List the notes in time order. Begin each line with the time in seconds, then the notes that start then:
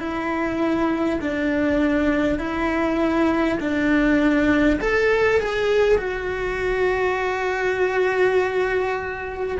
0.00 E4
1.21 D4
2.38 E4
3.59 D4
4.81 A4
5.39 G#4
5.98 F#4